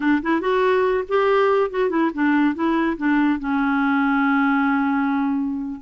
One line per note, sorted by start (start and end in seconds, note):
0.00 0.21 D4
0.22 0.40 E4
0.40 1.04 F#4
1.08 1.70 G4
1.70 1.89 F#4
1.89 2.10 E4
2.14 2.54 D4
2.54 2.97 E4
2.97 3.39 D4
3.39 5.81 C#4